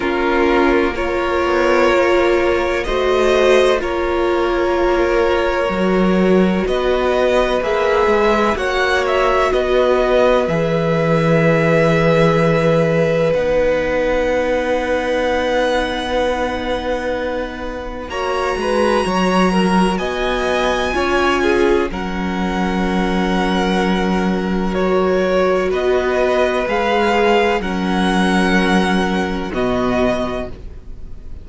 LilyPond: <<
  \new Staff \with { instrumentName = "violin" } { \time 4/4 \tempo 4 = 63 ais'4 cis''2 dis''4 | cis''2. dis''4 | e''4 fis''8 e''8 dis''4 e''4~ | e''2 fis''2~ |
fis''2. ais''4~ | ais''4 gis''2 fis''4~ | fis''2 cis''4 dis''4 | f''4 fis''2 dis''4 | }
  \new Staff \with { instrumentName = "violin" } { \time 4/4 f'4 ais'2 c''4 | ais'2. b'4~ | b'4 cis''4 b'2~ | b'1~ |
b'2. cis''8 b'8 | cis''8 ais'8 dis''4 cis''8 gis'8 ais'4~ | ais'2. b'4~ | b'4 ais'2 fis'4 | }
  \new Staff \with { instrumentName = "viola" } { \time 4/4 cis'4 f'2 fis'4 | f'2 fis'2 | gis'4 fis'2 gis'4~ | gis'2 dis'2~ |
dis'2. fis'4~ | fis'2 f'4 cis'4~ | cis'2 fis'2 | gis'4 cis'2 b4 | }
  \new Staff \with { instrumentName = "cello" } { \time 4/4 ais4. b8 ais4 a4 | ais2 fis4 b4 | ais8 gis8 ais4 b4 e4~ | e2 b2~ |
b2. ais8 gis8 | fis4 b4 cis'4 fis4~ | fis2. b4 | gis4 fis2 b,4 | }
>>